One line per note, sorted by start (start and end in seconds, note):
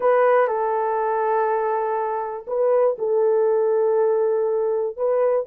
0.00 0.47 B4
0.47 2.45 A4
2.47 2.96 B4
2.98 4.96 A4
4.96 5.46 B4